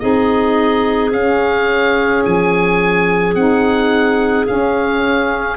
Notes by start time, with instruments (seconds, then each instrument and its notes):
0.00 tuba C4, saxophone D#4, clarinet G#4, oboe D#5
1.12 tuba C#4, saxophone C#4, oboe F5
2.26 tuba F3, oboe G#5
3.35 tuba C4, saxophone D#4, oboe F#5
4.46 saxophone C#4, tuba C#4, oboe F5